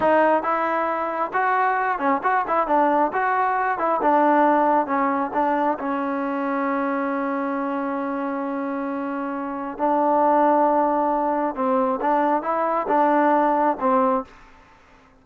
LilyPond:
\new Staff \with { instrumentName = "trombone" } { \time 4/4 \tempo 4 = 135 dis'4 e'2 fis'4~ | fis'8 cis'8 fis'8 e'8 d'4 fis'4~ | fis'8 e'8 d'2 cis'4 | d'4 cis'2.~ |
cis'1~ | cis'2 d'2~ | d'2 c'4 d'4 | e'4 d'2 c'4 | }